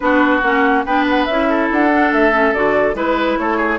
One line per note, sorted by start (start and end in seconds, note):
0.00 0.42 B3
0.00 0.43 D4
0.00 0.85 F#4
0.00 0.41 B4
0.42 0.84 A#3
0.42 0.85 C#4
0.42 0.84 F#5
0.85 1.28 B3
0.85 1.29 D4
0.85 1.49 B4
0.85 1.07 G5
1.09 1.25 F#5
1.25 1.70 C#4
1.25 1.90 E4
1.25 1.67 E5
1.49 2.96 A4
1.71 2.12 D4
1.71 2.13 F#5
1.90 2.32 D4
2.12 2.54 A3
2.12 2.53 E5
2.32 2.53 C#4
2.53 2.94 D3
2.53 2.94 F#4
2.53 2.96 D5
2.94 3.36 G#3
2.94 3.79 E4
2.94 3.38 B4
3.38 3.79 A3
3.38 3.57 A4
3.38 3.79 C#5
3.57 3.78 G#4